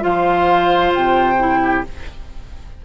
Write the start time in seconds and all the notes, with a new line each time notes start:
0.00 F3 F4 C5 F5
0.94 C3 G5
1.39 E4
1.62 G4